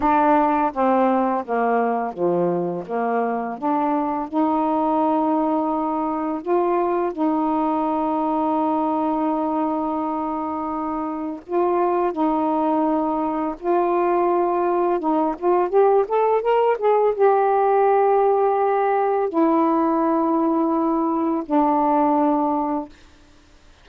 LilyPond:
\new Staff \with { instrumentName = "saxophone" } { \time 4/4 \tempo 4 = 84 d'4 c'4 ais4 f4 | ais4 d'4 dis'2~ | dis'4 f'4 dis'2~ | dis'1 |
f'4 dis'2 f'4~ | f'4 dis'8 f'8 g'8 a'8 ais'8 gis'8 | g'2. e'4~ | e'2 d'2 | }